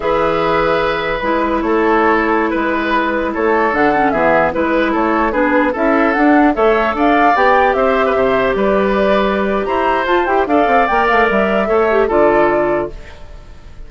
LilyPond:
<<
  \new Staff \with { instrumentName = "flute" } { \time 4/4 \tempo 4 = 149 e''2. b'4 | cis''2~ cis''16 b'4.~ b'16~ | b'16 cis''4 fis''4 e''4 b'8.~ | b'16 cis''4 b'4 e''4 fis''8.~ |
fis''16 e''4 f''4 g''4 e''8.~ | e''4~ e''16 d''2~ d''8. | ais''4 a''8 g''8 f''4 g''8 f''8 | e''2 d''2 | }
  \new Staff \with { instrumentName = "oboe" } { \time 4/4 b'1 | a'2~ a'16 b'4.~ b'16~ | b'16 a'2 gis'4 b'8.~ | b'16 a'4 gis'4 a'4.~ a'16~ |
a'16 cis''4 d''2 c''8. | b'16 c''4 b'2~ b'8. | c''2 d''2~ | d''4 cis''4 a'2 | }
  \new Staff \with { instrumentName = "clarinet" } { \time 4/4 gis'2. e'4~ | e'1~ | e'4~ e'16 d'8 cis'8 b4 e'8.~ | e'4~ e'16 d'4 e'4 d'8.~ |
d'16 a'2 g'4.~ g'16~ | g'1~ | g'4 f'8 g'8 a'4 ais'4~ | ais'4 a'8 g'8 f'2 | }
  \new Staff \with { instrumentName = "bassoon" } { \time 4/4 e2. gis4 | a2~ a16 gis4.~ gis16~ | gis16 a4 d4 e4 gis8.~ | gis16 a4 b4 cis'4 d'8.~ |
d'16 a4 d'4 b4 c'8.~ | c'16 c4 g2~ g8. | e'4 f'8 e'8 d'8 c'8 ais8 a8 | g4 a4 d2 | }
>>